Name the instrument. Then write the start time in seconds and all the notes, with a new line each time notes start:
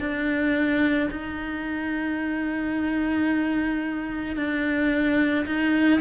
cello
0.00 D4
1.11 D#4
4.36 D4
5.46 D#4